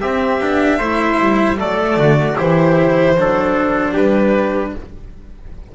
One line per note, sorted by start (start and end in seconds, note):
0.00 0.41 C4
0.00 0.39 C4
0.00 0.78 G4
0.00 1.58 E5
0.39 0.78 B3
0.39 0.80 D4
0.78 1.18 A3
0.78 1.55 E4
0.78 1.57 C5
1.19 1.58 G3
1.55 1.97 F#3
1.55 2.34 A3
1.55 1.98 A4
1.55 2.37 D5
1.97 2.36 D3
1.97 2.37 F#4
2.37 3.16 E3
2.37 3.16 E4
2.37 3.17 G4
2.37 3.95 C5
3.16 3.94 F#3
3.16 4.75 D4
3.16 3.92 A4
3.92 4.73 G3
3.92 4.71 G4
3.92 4.74 B4